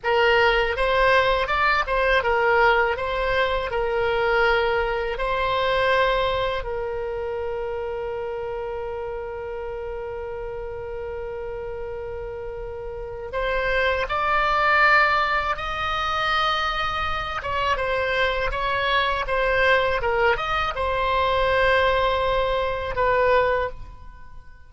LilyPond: \new Staff \with { instrumentName = "oboe" } { \time 4/4 \tempo 4 = 81 ais'4 c''4 d''8 c''8 ais'4 | c''4 ais'2 c''4~ | c''4 ais'2.~ | ais'1~ |
ais'2 c''4 d''4~ | d''4 dis''2~ dis''8 cis''8 | c''4 cis''4 c''4 ais'8 dis''8 | c''2. b'4 | }